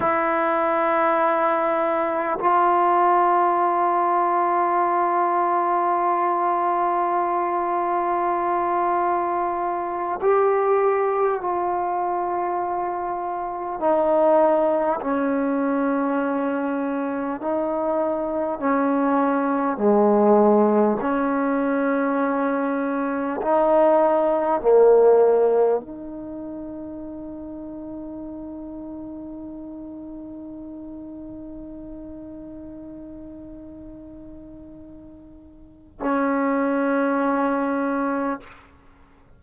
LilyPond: \new Staff \with { instrumentName = "trombone" } { \time 4/4 \tempo 4 = 50 e'2 f'2~ | f'1~ | f'8 g'4 f'2 dis'8~ | dis'8 cis'2 dis'4 cis'8~ |
cis'8 gis4 cis'2 dis'8~ | dis'8 ais4 dis'2~ dis'8~ | dis'1~ | dis'2 cis'2 | }